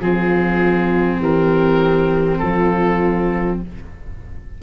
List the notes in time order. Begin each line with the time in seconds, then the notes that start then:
0.00 F3 C4 F4 G#4
1.19 E3 G4 A#4
2.38 F3 F4 A4